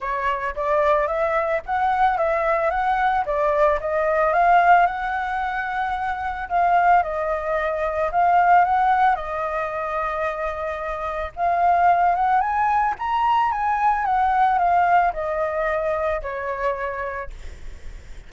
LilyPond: \new Staff \with { instrumentName = "flute" } { \time 4/4 \tempo 4 = 111 cis''4 d''4 e''4 fis''4 | e''4 fis''4 d''4 dis''4 | f''4 fis''2. | f''4 dis''2 f''4 |
fis''4 dis''2.~ | dis''4 f''4. fis''8 gis''4 | ais''4 gis''4 fis''4 f''4 | dis''2 cis''2 | }